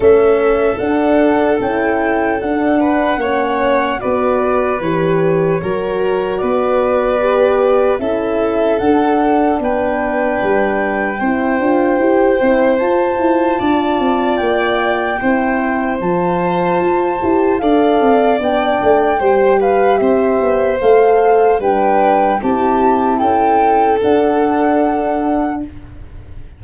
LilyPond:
<<
  \new Staff \with { instrumentName = "flute" } { \time 4/4 \tempo 4 = 75 e''4 fis''4 g''4 fis''4~ | fis''4 d''4 cis''2 | d''2 e''4 fis''4 | g''1 |
a''2 g''2 | a''2 f''4 g''4~ | g''8 f''8 e''4 f''4 g''4 | a''4 g''4 fis''2 | }
  \new Staff \with { instrumentName = "violin" } { \time 4/4 a'2.~ a'8 b'8 | cis''4 b'2 ais'4 | b'2 a'2 | b'2 c''2~ |
c''4 d''2 c''4~ | c''2 d''2 | c''8 b'8 c''2 b'4 | g'4 a'2. | }
  \new Staff \with { instrumentName = "horn" } { \time 4/4 cis'4 d'4 e'4 d'4 | cis'4 fis'4 g'4 fis'4~ | fis'4 g'4 e'4 d'4~ | d'2 e'8 f'8 g'8 e'8 |
f'2. e'4 | f'4. g'8 a'4 d'4 | g'2 a'4 d'4 | e'2 d'2 | }
  \new Staff \with { instrumentName = "tuba" } { \time 4/4 a4 d'4 cis'4 d'4 | ais4 b4 e4 fis4 | b2 cis'4 d'4 | b4 g4 c'8 d'8 e'8 c'8 |
f'8 e'8 d'8 c'8 ais4 c'4 | f4 f'8 e'8 d'8 c'8 b8 a8 | g4 c'8 b8 a4 g4 | c'4 cis'4 d'2 | }
>>